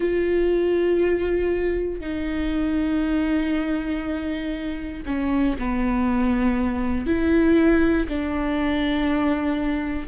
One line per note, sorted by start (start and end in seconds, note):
0.00 2.00 F4
2.00 5.03 D#4
5.06 5.56 C#4
5.58 7.06 B3
7.06 8.07 E4
8.08 10.07 D4